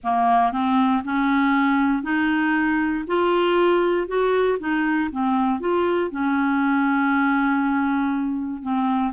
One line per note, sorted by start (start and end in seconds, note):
0.03 0.51 A#3
0.51 1.02 C4
1.04 2.02 C#4
2.02 3.04 D#4
3.07 4.07 F4
4.07 4.58 F#4
4.59 5.09 D#4
5.11 5.59 C4
5.59 6.10 F4
6.11 8.62 C#4
8.62 9.13 C4